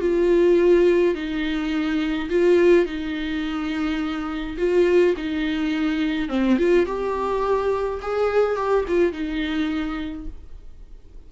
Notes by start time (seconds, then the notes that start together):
0.00 F4
1.14 D#4
2.29 F4
2.85 D#4
4.57 F4
5.16 D#4
6.29 C4
6.58 F4
6.86 G4
8.01 G#4
8.56 G4
8.88 F4
9.12 D#4